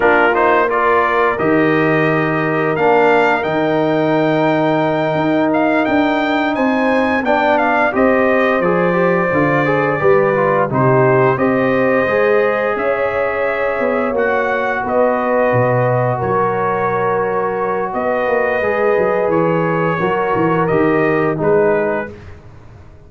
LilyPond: <<
  \new Staff \with { instrumentName = "trumpet" } { \time 4/4 \tempo 4 = 87 ais'8 c''8 d''4 dis''2 | f''4 g''2. | f''8 g''4 gis''4 g''8 f''8 dis''8~ | dis''8 d''2. c''8~ |
c''8 dis''2 e''4.~ | e''8 fis''4 dis''2 cis''8~ | cis''2 dis''2 | cis''2 dis''4 b'4 | }
  \new Staff \with { instrumentName = "horn" } { \time 4/4 f'4 ais'2.~ | ais'1~ | ais'4. c''4 d''4 c''8~ | c''2~ c''8 b'4 g'8~ |
g'8 c''2 cis''4.~ | cis''4. b'2 ais'8~ | ais'2 b'2~ | b'4 ais'2 gis'4 | }
  \new Staff \with { instrumentName = "trombone" } { \time 4/4 d'8 dis'8 f'4 g'2 | d'4 dis'2.~ | dis'2~ dis'8 d'4 g'8~ | g'8 gis'8 g'8 f'8 gis'8 g'8 f'8 dis'8~ |
dis'8 g'4 gis'2~ gis'8~ | gis'8 fis'2.~ fis'8~ | fis'2. gis'4~ | gis'4 fis'4 g'4 dis'4 | }
  \new Staff \with { instrumentName = "tuba" } { \time 4/4 ais2 dis2 | ais4 dis2~ dis8 dis'8~ | dis'8 d'4 c'4 b4 c'8~ | c'8 f4 d4 g4 c8~ |
c8 c'4 gis4 cis'4. | b8 ais4 b4 b,4 fis8~ | fis2 b8 ais8 gis8 fis8 | e4 fis8 e8 dis4 gis4 | }
>>